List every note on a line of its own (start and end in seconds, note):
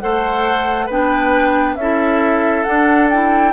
0.00 0.89 A3
0.00 0.89 A4
0.00 0.86 C5
0.00 0.88 F#5
0.86 1.76 B3
0.86 1.78 D4
0.86 1.74 B4
0.86 1.75 G5
1.75 2.64 C#4
1.75 2.66 E4
1.75 3.53 A4
1.75 2.63 E5
2.63 3.10 D4
2.63 3.53 D4
2.63 3.08 F#5
3.10 3.53 E4
3.10 3.53 G5